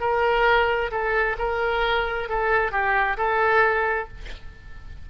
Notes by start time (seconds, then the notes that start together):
0.00 A#4
0.91 A4
1.38 A#4
2.29 A4
2.71 G4
3.17 A4